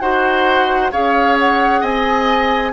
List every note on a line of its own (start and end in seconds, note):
0.00 0.92 D#4
0.00 0.92 F#4
0.00 0.92 C5
0.00 0.91 F#5
0.92 1.82 C#4
0.92 2.73 G#4
0.92 1.81 C#5
0.92 1.38 F5
1.40 1.84 F#5
1.81 2.73 C4
1.81 2.72 D#5
1.81 2.73 G#5